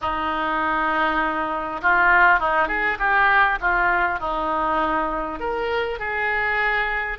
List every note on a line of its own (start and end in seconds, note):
0.01 1.81 D#4
1.81 2.39 F4
2.39 2.68 D#4
2.68 2.98 G#4
2.98 3.58 G4
3.60 4.19 F4
4.19 5.39 D#4
5.39 5.99 A#4
5.99 7.18 G#4